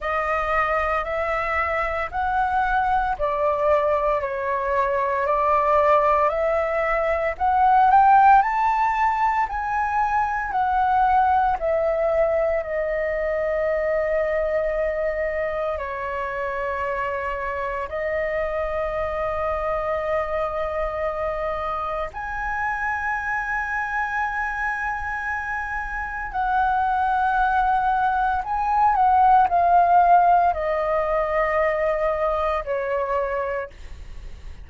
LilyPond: \new Staff \with { instrumentName = "flute" } { \time 4/4 \tempo 4 = 57 dis''4 e''4 fis''4 d''4 | cis''4 d''4 e''4 fis''8 g''8 | a''4 gis''4 fis''4 e''4 | dis''2. cis''4~ |
cis''4 dis''2.~ | dis''4 gis''2.~ | gis''4 fis''2 gis''8 fis''8 | f''4 dis''2 cis''4 | }